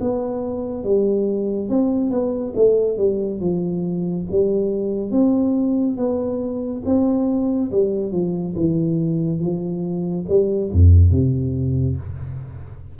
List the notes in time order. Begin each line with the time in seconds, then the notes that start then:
0.00 B3
0.83 G3
1.69 C4
2.10 B3
2.56 A3
2.97 G3
3.40 F3
4.31 G3
5.11 C4
5.96 B3
6.85 C4
7.71 G3
8.12 F3
8.55 E3
9.39 F3
10.29 G3
10.72 F2
11.11 C3